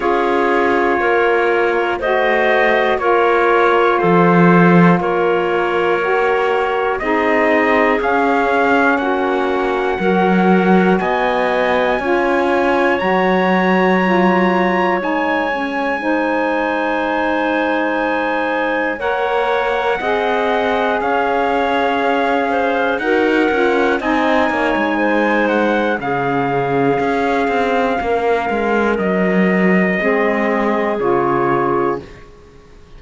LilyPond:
<<
  \new Staff \with { instrumentName = "trumpet" } { \time 4/4 \tempo 4 = 60 cis''2 dis''4 cis''4 | c''4 cis''2 dis''4 | f''4 fis''2 gis''4~ | gis''4 ais''2 gis''4~ |
gis''2. fis''4~ | fis''4 f''2 fis''4 | gis''4. fis''8 f''2~ | f''4 dis''2 cis''4 | }
  \new Staff \with { instrumentName = "clarinet" } { \time 4/4 gis'4 ais'4 c''4 ais'4 | a'4 ais'2 gis'4~ | gis'4 fis'4 ais'4 dis''4 | cis''1 |
c''2. cis''4 | dis''4 cis''4. c''8 ais'4 | dis''8 cis''8 c''4 gis'2 | ais'2 gis'2 | }
  \new Staff \with { instrumentName = "saxophone" } { \time 4/4 f'2 fis'4 f'4~ | f'2 fis'4 dis'4 | cis'2 fis'2 | f'4 fis'4 f'4 dis'8 cis'8 |
dis'2. ais'4 | gis'2. fis'8 f'8 | dis'2 cis'2~ | cis'2 c'4 f'4 | }
  \new Staff \with { instrumentName = "cello" } { \time 4/4 cis'4 ais4 a4 ais4 | f4 ais2 c'4 | cis'4 ais4 fis4 b4 | cis'4 fis2 gis4~ |
gis2. ais4 | c'4 cis'2 dis'8 cis'8 | c'8 ais16 gis4~ gis16 cis4 cis'8 c'8 | ais8 gis8 fis4 gis4 cis4 | }
>>